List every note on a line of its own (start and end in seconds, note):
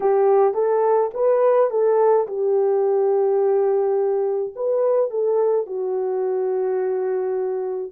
0.00 0.54 G4
0.54 1.10 A4
1.13 1.70 B4
1.70 2.26 A4
2.27 4.53 G4
4.55 5.10 B4
5.10 5.66 A4
5.66 7.92 F#4